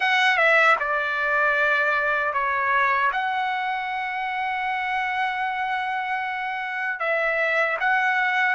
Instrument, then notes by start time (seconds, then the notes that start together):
trumpet
0.00 F#5
0.37 E5
0.79 D5
2.33 C#5
3.12 F#5
6.99 E5
7.80 F#5